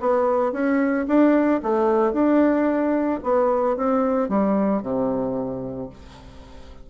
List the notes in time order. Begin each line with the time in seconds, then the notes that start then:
0.00 B3
0.53 C#4
1.08 D4
1.63 A3
2.13 D4
3.24 B3
3.77 C4
4.29 G3
4.82 C3